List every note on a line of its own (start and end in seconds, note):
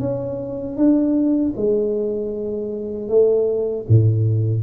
0.00 0.77 C#4
0.77 1.54 D4
1.57 3.09 G#3
3.09 3.86 A3
3.88 4.63 A2